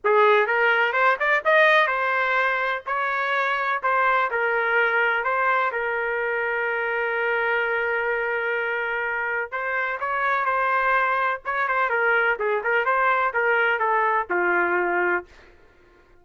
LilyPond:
\new Staff \with { instrumentName = "trumpet" } { \time 4/4 \tempo 4 = 126 gis'4 ais'4 c''8 d''8 dis''4 | c''2 cis''2 | c''4 ais'2 c''4 | ais'1~ |
ais'1 | c''4 cis''4 c''2 | cis''8 c''8 ais'4 gis'8 ais'8 c''4 | ais'4 a'4 f'2 | }